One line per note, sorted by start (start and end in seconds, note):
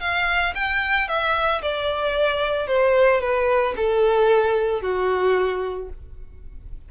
0.00 0.54 F5
0.55 1.08 G5
1.08 1.61 E5
1.62 2.67 D5
2.67 3.20 C5
3.21 3.74 B4
3.76 4.82 A4
4.82 5.89 F#4